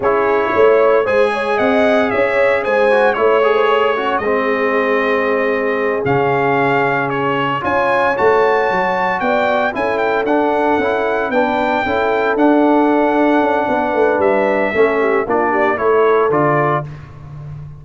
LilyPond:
<<
  \new Staff \with { instrumentName = "trumpet" } { \time 4/4 \tempo 4 = 114 cis''2 gis''4 fis''4 | e''4 gis''4 cis''2 | dis''2.~ dis''8 f''8~ | f''4. cis''4 gis''4 a''8~ |
a''4. g''4 gis''8 g''8 fis''8~ | fis''4. g''2 fis''8~ | fis''2. e''4~ | e''4 d''4 cis''4 d''4 | }
  \new Staff \with { instrumentName = "horn" } { \time 4/4 gis'4 cis''4 c''8 cis''8 dis''4 | cis''4 c''4 cis''8. c''16 cis''8 cis'8 | gis'1~ | gis'2~ gis'8 cis''4.~ |
cis''4. d''4 a'4.~ | a'4. b'4 a'4.~ | a'2 b'2 | a'8 g'8 f'8 g'8 a'2 | }
  \new Staff \with { instrumentName = "trombone" } { \time 4/4 e'2 gis'2~ | gis'4. fis'8 e'8 gis'4 fis'8 | c'2.~ c'8 cis'8~ | cis'2~ cis'8 f'4 fis'8~ |
fis'2~ fis'8 e'4 d'8~ | d'8 e'4 d'4 e'4 d'8~ | d'1 | cis'4 d'4 e'4 f'4 | }
  \new Staff \with { instrumentName = "tuba" } { \time 4/4 cis'4 a4 gis4 c'4 | cis'4 gis4 a2 | gis2.~ gis8 cis8~ | cis2~ cis8 cis'4 a8~ |
a8 fis4 b4 cis'4 d'8~ | d'8 cis'4 b4 cis'4 d'8~ | d'4. cis'8 b8 a8 g4 | a4 ais4 a4 d4 | }
>>